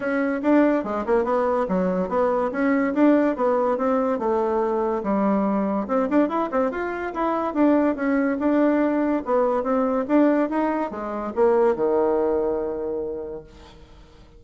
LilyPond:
\new Staff \with { instrumentName = "bassoon" } { \time 4/4 \tempo 4 = 143 cis'4 d'4 gis8 ais8 b4 | fis4 b4 cis'4 d'4 | b4 c'4 a2 | g2 c'8 d'8 e'8 c'8 |
f'4 e'4 d'4 cis'4 | d'2 b4 c'4 | d'4 dis'4 gis4 ais4 | dis1 | }